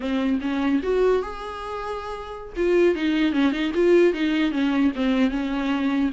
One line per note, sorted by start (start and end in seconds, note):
0.00 0.39 C4
0.41 0.81 C#4
0.82 1.22 F#4
1.22 2.53 G#4
2.56 2.95 F4
2.95 3.32 D#4
3.32 3.51 C#4
3.51 3.72 D#4
3.74 4.13 F4
4.13 4.51 D#4
4.51 4.91 C#4
4.95 5.30 C4
5.30 6.10 C#4